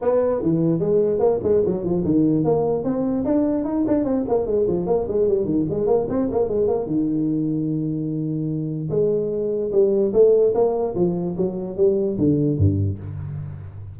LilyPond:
\new Staff \with { instrumentName = "tuba" } { \time 4/4 \tempo 4 = 148 b4 e4 gis4 ais8 gis8 | fis8 f8 dis4 ais4 c'4 | d'4 dis'8 d'8 c'8 ais8 gis8 f8 | ais8 gis8 g8 dis8 gis8 ais8 c'8 ais8 |
gis8 ais8 dis2.~ | dis2 gis2 | g4 a4 ais4 f4 | fis4 g4 d4 g,4 | }